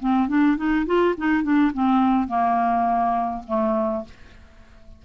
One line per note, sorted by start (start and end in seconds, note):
0.00 0.28 C4
0.28 0.57 D4
0.57 0.86 D#4
0.87 1.15 F4
1.17 1.43 D#4
1.43 1.72 D4
1.74 2.28 C4
2.28 3.44 A#3
3.47 4.05 A3